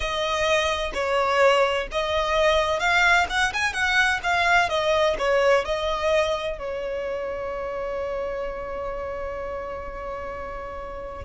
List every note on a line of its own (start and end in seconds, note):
0.00 0.92 D#5
0.94 1.87 C#5
1.91 2.79 D#5
2.79 3.26 F5
3.29 3.52 F#5
3.53 3.73 G#5
3.73 4.20 F#5
4.23 4.69 F5
4.69 5.16 D#5
5.18 5.65 C#5
5.65 6.58 D#5
6.58 11.25 C#5